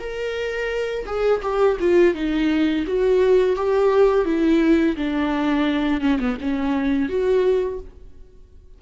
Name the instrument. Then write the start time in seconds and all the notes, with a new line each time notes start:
viola
0.00 A#4
1.07 G#4
1.43 G4
1.81 F4
2.15 D#4
2.87 F#4
3.56 G4
4.26 E4
4.97 D4
6.01 C#4
6.20 B3
6.41 C#4
7.09 F#4